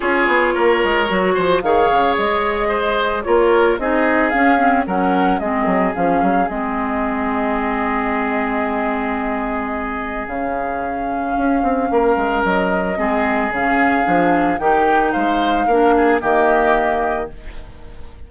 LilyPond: <<
  \new Staff \with { instrumentName = "flute" } { \time 4/4 \tempo 4 = 111 cis''2. f''4 | dis''2 cis''4 dis''4 | f''4 fis''4 dis''4 f''4 | dis''1~ |
dis''2. f''4~ | f''2. dis''4~ | dis''4 f''2 g''4 | f''2 dis''2 | }
  \new Staff \with { instrumentName = "oboe" } { \time 4/4 gis'4 ais'4. c''8 cis''4~ | cis''4 c''4 ais'4 gis'4~ | gis'4 ais'4 gis'2~ | gis'1~ |
gis'1~ | gis'2 ais'2 | gis'2. g'4 | c''4 ais'8 gis'8 g'2 | }
  \new Staff \with { instrumentName = "clarinet" } { \time 4/4 f'2 fis'4 gis'4~ | gis'2 f'4 dis'4 | cis'8 c'8 cis'4 c'4 cis'4 | c'1~ |
c'2. cis'4~ | cis'1 | c'4 cis'4 d'4 dis'4~ | dis'4 d'4 ais2 | }
  \new Staff \with { instrumentName = "bassoon" } { \time 4/4 cis'8 b8 ais8 gis8 fis8 f8 dis8 cis8 | gis2 ais4 c'4 | cis'4 fis4 gis8 fis8 f8 fis8 | gis1~ |
gis2. cis4~ | cis4 cis'8 c'8 ais8 gis8 fis4 | gis4 cis4 f4 dis4 | gis4 ais4 dis2 | }
>>